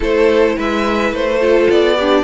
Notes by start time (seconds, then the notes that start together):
0.00 A3 E4 A4 C5
0.55 G#3 B4 E5
1.11 A3 C5
1.40 F4 A4
1.70 B3 D5
1.96 D4 G4